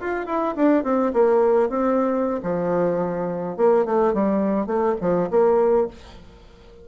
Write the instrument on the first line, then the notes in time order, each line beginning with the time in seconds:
bassoon
0.00 F4
0.26 E4
0.56 D4
0.84 C4
1.14 A#3
1.69 C4
2.43 F3
3.57 A#3
3.85 A3
4.14 G3
4.67 A3
5.01 F3
5.31 A#3